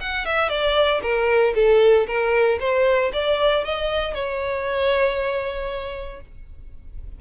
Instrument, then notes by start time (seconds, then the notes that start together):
violin
0.00 F#5
0.25 E5
0.49 D5
1.02 A#4
1.55 A4
2.07 A#4
2.60 C5
3.13 D5
3.64 D#5
4.14 C#5